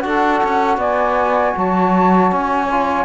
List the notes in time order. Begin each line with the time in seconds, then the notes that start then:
0.00 D4 F#4 A4 F#5
0.44 C#4
0.77 B3 D5 G#5
1.56 F#3 C#5 A5
2.32 C#4 G#5
2.71 F4